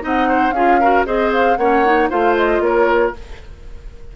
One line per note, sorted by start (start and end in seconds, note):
0.00 0.51 C4
0.00 0.52 D#4
0.00 0.28 D#5
0.00 0.51 F#5
0.28 0.54 C5
0.51 1.03 C#4
0.51 0.81 F4
0.51 0.80 G#4
0.51 1.03 F5
0.80 1.05 F#4
0.80 1.06 A#4
1.05 1.57 C4
1.05 1.57 G#4
1.05 1.58 C5
1.05 1.31 D#5
1.32 1.56 F5
1.56 2.09 A#3
1.56 1.85 C#4
1.56 2.09 C#5
1.56 2.08 F#5
1.85 2.10 D#4
2.09 2.60 A3
2.09 3.13 F4
2.09 2.61 C5
2.09 2.36 F5
2.37 2.62 D#5
2.60 3.11 A#3
2.60 3.16 A#4
2.60 3.14 C#5